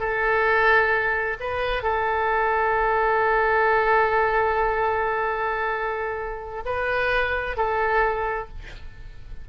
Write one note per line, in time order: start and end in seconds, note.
0.00 1.37 A4
1.40 1.83 B4
1.83 6.64 A4
6.66 7.57 B4
7.57 8.49 A4